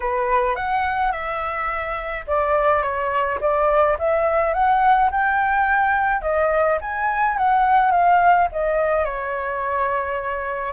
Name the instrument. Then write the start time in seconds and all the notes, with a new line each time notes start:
flute
0.00 B4
0.55 F#5
1.11 E5
2.27 D5
2.82 C#5
3.40 D5
3.98 E5
4.53 F#5
5.11 G5
6.21 D#5
6.81 G#5
7.37 F#5
7.91 F5
8.51 D#5
9.04 C#5